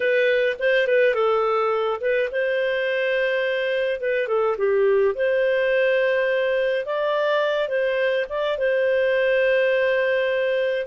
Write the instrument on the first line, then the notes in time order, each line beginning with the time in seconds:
clarinet
0.00 B4
0.59 C5
0.87 B4
1.14 A4
2.00 B4
2.31 C5
4.00 B4
4.27 A4
4.57 G4
5.14 C5
6.85 D5
7.68 C5
8.29 D5
8.57 C5